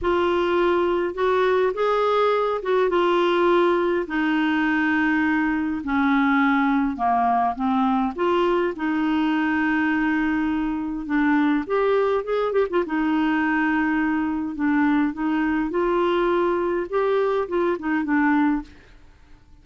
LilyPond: \new Staff \with { instrumentName = "clarinet" } { \time 4/4 \tempo 4 = 103 f'2 fis'4 gis'4~ | gis'8 fis'8 f'2 dis'4~ | dis'2 cis'2 | ais4 c'4 f'4 dis'4~ |
dis'2. d'4 | g'4 gis'8 g'16 f'16 dis'2~ | dis'4 d'4 dis'4 f'4~ | f'4 g'4 f'8 dis'8 d'4 | }